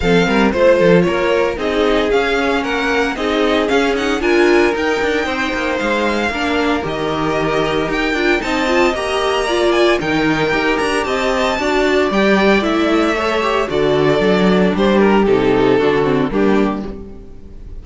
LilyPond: <<
  \new Staff \with { instrumentName = "violin" } { \time 4/4 \tempo 4 = 114 f''4 c''4 cis''4 dis''4 | f''4 fis''4 dis''4 f''8 fis''8 | gis''4 g''2 f''4~ | f''4 dis''2 g''4 |
a''4 ais''4. gis''8 g''4~ | g''8 ais''8 a''2 g''4 | e''2 d''2 | c''8 ais'8 a'2 g'4 | }
  \new Staff \with { instrumentName = "violin" } { \time 4/4 a'8 ais'8 c''8 a'8 ais'4 gis'4~ | gis'4 ais'4 gis'2 | ais'2 c''2 | ais'1 |
dis''2 d''4 ais'4~ | ais'4 dis''4 d''2~ | d''4 cis''4 a'2 | g'2 fis'4 d'4 | }
  \new Staff \with { instrumentName = "viola" } { \time 4/4 c'4 f'2 dis'4 | cis'2 dis'4 cis'8 dis'8 | f'4 dis'2. | d'4 g'2~ g'8 f'8 |
dis'8 f'8 g'4 f'4 dis'4 | g'2 fis'4 g'4 | e'4 a'8 g'8 fis'4 d'4~ | d'4 dis'4 d'8 c'8 ais4 | }
  \new Staff \with { instrumentName = "cello" } { \time 4/4 f8 g8 a8 f8 ais4 c'4 | cis'4 ais4 c'4 cis'4 | d'4 dis'8 d'8 c'8 ais8 gis4 | ais4 dis2 dis'8 d'8 |
c'4 ais2 dis4 | dis'8 d'8 c'4 d'4 g4 | a2 d4 fis4 | g4 c4 d4 g4 | }
>>